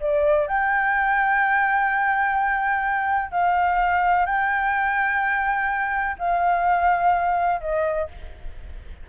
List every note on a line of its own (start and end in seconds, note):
0.00 0.47 D5
0.47 3.31 G5
3.31 4.26 F5
4.26 6.16 G5
6.18 7.60 F5
7.60 8.08 D#5